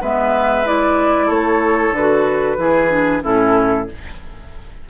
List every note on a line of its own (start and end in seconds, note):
0.00 1.29 G#3
0.00 0.65 B3
0.00 1.26 B4
0.00 0.67 E5
0.65 1.94 E4
0.65 1.30 D5
1.26 1.91 A3
1.26 2.55 A4
1.26 1.94 C#5
1.91 2.55 D3
1.91 3.24 B4
1.98 2.58 F#4
2.57 3.22 E3
2.57 2.89 E4
2.57 3.23 G#4
2.89 3.21 D4
3.21 3.89 A2
3.21 3.86 C#4
3.21 3.87 E4
3.21 3.88 A4